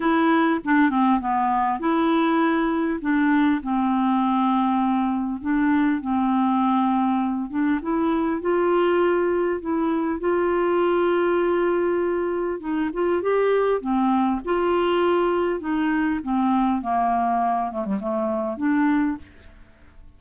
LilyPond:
\new Staff \with { instrumentName = "clarinet" } { \time 4/4 \tempo 4 = 100 e'4 d'8 c'8 b4 e'4~ | e'4 d'4 c'2~ | c'4 d'4 c'2~ | c'8 d'8 e'4 f'2 |
e'4 f'2.~ | f'4 dis'8 f'8 g'4 c'4 | f'2 dis'4 c'4 | ais4. a16 g16 a4 d'4 | }